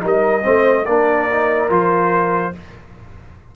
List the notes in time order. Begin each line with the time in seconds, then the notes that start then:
0.00 G3 D#4 A#4
0.07 D#5
0.43 A3 C4 C5
0.85 A#3 D4 A#4 D5
1.31 D#4
1.69 F3 F4 C5